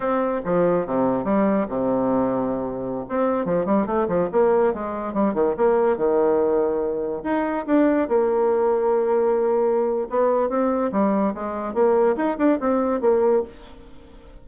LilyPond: \new Staff \with { instrumentName = "bassoon" } { \time 4/4 \tempo 4 = 143 c'4 f4 c4 g4 | c2.~ c16 c'8.~ | c'16 f8 g8 a8 f8 ais4 gis8.~ | gis16 g8 dis8 ais4 dis4.~ dis16~ |
dis4~ dis16 dis'4 d'4 ais8.~ | ais1 | b4 c'4 g4 gis4 | ais4 dis'8 d'8 c'4 ais4 | }